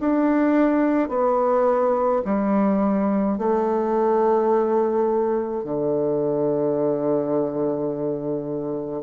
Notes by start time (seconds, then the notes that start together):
0.00 D4
1.09 B3
2.25 G3
3.38 A3
5.64 D3